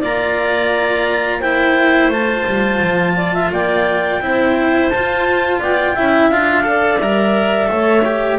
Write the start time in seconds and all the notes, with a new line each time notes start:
0.00 A#3 F4 D5 A#5
1.40 E4 C5 G5
2.09 A3 F4 A5
2.46 G3
2.82 F3
3.16 D5
3.34 E5
3.52 A#3 D5 G5
4.20 C4 E4 C5
4.90 F4 A5
5.60 B3 D5 G5
5.94 C#4 E4 E5
6.30 D4 F4 F5
6.63 A4 D5
6.99 G3 A#4 E5
7.66 A3 A4 C#5
8.05 G4